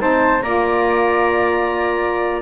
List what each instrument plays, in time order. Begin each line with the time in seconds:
0.00 double bass C4, saxophone D#4, flute C5, clarinet A5
0.42 double bass A#3, saxophone F4, flute D5, clarinet A#5